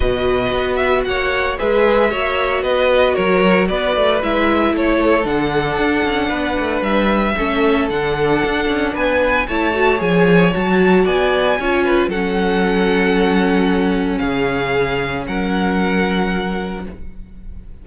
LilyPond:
<<
  \new Staff \with { instrumentName = "violin" } { \time 4/4 \tempo 4 = 114 dis''4. e''8 fis''4 e''4~ | e''4 dis''4 cis''4 d''4 | e''4 cis''4 fis''2~ | fis''4 e''2 fis''4~ |
fis''4 gis''4 a''4 gis''4 | a''4 gis''2 fis''4~ | fis''2. f''4~ | f''4 fis''2. | }
  \new Staff \with { instrumentName = "violin" } { \time 4/4 b'2 cis''4 b'4 | cis''4 b'4 ais'4 b'4~ | b'4 a'2. | b'2 a'2~ |
a'4 b'4 cis''2~ | cis''4 d''4 cis''8 b'8 a'4~ | a'2. gis'4~ | gis'4 ais'2. | }
  \new Staff \with { instrumentName = "viola" } { \time 4/4 fis'2. gis'4 | fis'1 | e'2 d'2~ | d'2 cis'4 d'4~ |
d'2 e'8 fis'8 gis'4 | fis'2 f'4 cis'4~ | cis'1~ | cis'1 | }
  \new Staff \with { instrumentName = "cello" } { \time 4/4 b,4 b4 ais4 gis4 | ais4 b4 fis4 b8 a8 | gis4 a4 d4 d'8 cis'8 | b8 a8 g4 a4 d4 |
d'8 cis'8 b4 a4 f4 | fis4 b4 cis'4 fis4~ | fis2. cis4~ | cis4 fis2. | }
>>